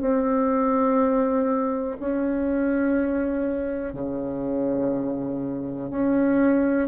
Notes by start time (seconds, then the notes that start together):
0.00 C4
1.99 C#4
3.93 C#3
5.90 C#4